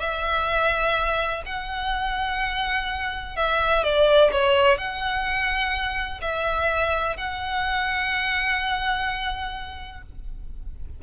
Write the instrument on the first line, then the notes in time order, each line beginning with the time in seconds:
violin
0.00 E5
1.46 F#5
3.36 E5
3.84 D5
4.32 C#5
4.78 F#5
6.21 E5
7.17 F#5